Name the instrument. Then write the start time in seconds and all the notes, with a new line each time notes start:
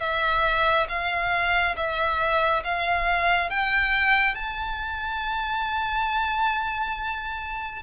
violin
0.00 E5
0.89 F5
1.76 E5
2.64 F5
3.50 G5
4.35 A5